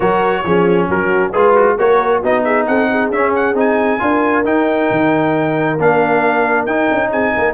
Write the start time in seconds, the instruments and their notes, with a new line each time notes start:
0.00 tuba F#3, trombone F#4, horn A#4, trumpet C#5
0.44 tuba F3, trombone C#4, horn G#4
0.88 tuba F#3, horn F#4, trumpet A#4
1.32 tuba G#3, trombone F4, trumpet G#4, horn B4
1.55 trumpet F#4
1.78 tuba A#3, trombone F#4, horn A#4, trumpet C#5
2.21 tuba B3, trombone D#4, horn F#4, trumpet D#5
2.44 horn G#4, trumpet E5
2.66 tuba C4, horn A4, trumpet F#5
2.90 horn G#4
3.10 tuba C#4, trombone C#4, trumpet E5
3.35 trumpet F#5
3.54 tuba C4, trombone D#4, trumpet G#5
3.99 tuba D4, trombone F4, horn A#4
4.44 tuba D#4, trombone D#4, trumpet G5
4.90 tuba D#3
5.78 tuba A#3, trombone D4, trumpet F5
6.65 tuba D#4, trombone D#4, trumpet G5
6.91 tuba C#4
7.11 tuba C4, horn G#4, trumpet G#5
7.34 tuba A#3, horn A#4